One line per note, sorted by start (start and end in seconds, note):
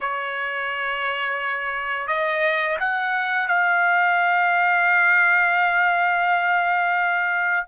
0.00 2.07 C#5
2.07 2.77 D#5
2.79 3.48 F#5
3.48 7.66 F5